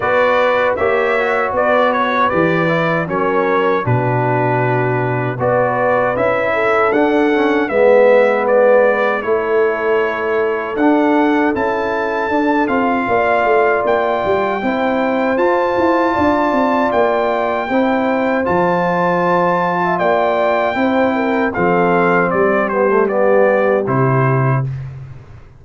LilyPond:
<<
  \new Staff \with { instrumentName = "trumpet" } { \time 4/4 \tempo 4 = 78 d''4 e''4 d''8 cis''8 d''4 | cis''4 b'2 d''4 | e''4 fis''4 e''4 d''4 | cis''2 fis''4 a''4~ |
a''8 f''4. g''2 | a''2 g''2 | a''2 g''2 | f''4 d''8 c''8 d''4 c''4 | }
  \new Staff \with { instrumentName = "horn" } { \time 4/4 b'4 cis''4 b'2 | ais'4 fis'2 b'4~ | b'8 a'4. b'2 | a'1~ |
a'4 d''2 c''4~ | c''4 d''2 c''4~ | c''4.~ c''16 e''16 d''4 c''8 ais'8 | a'4 g'2. | }
  \new Staff \with { instrumentName = "trombone" } { \time 4/4 fis'4 g'8 fis'4. g'8 e'8 | cis'4 d'2 fis'4 | e'4 d'8 cis'8 b2 | e'2 d'4 e'4 |
d'8 f'2~ f'8 e'4 | f'2. e'4 | f'2. e'4 | c'4. b16 a16 b4 e'4 | }
  \new Staff \with { instrumentName = "tuba" } { \time 4/4 b4 ais4 b4 e4 | fis4 b,2 b4 | cis'4 d'4 gis2 | a2 d'4 cis'4 |
d'8 c'8 ais8 a8 ais8 g8 c'4 | f'8 e'8 d'8 c'8 ais4 c'4 | f2 ais4 c'4 | f4 g2 c4 | }
>>